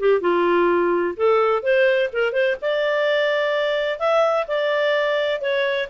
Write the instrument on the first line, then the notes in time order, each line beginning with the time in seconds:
clarinet
0.00 G4
0.21 F4
1.17 A4
1.63 C5
2.13 A#4
2.33 C5
2.62 D5
3.99 E5
4.48 D5
5.42 C#5